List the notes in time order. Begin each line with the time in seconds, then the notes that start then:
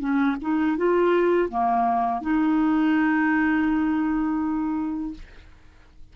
0.00 C#4
0.42 D#4
0.77 F4
1.49 A#3
2.22 D#4